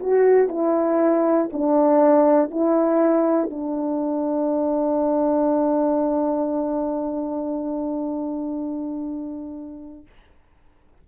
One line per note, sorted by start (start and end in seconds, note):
0.00 0.49 F#4
0.49 1.50 E4
1.53 2.51 D4
2.51 3.50 E4
3.50 10.06 D4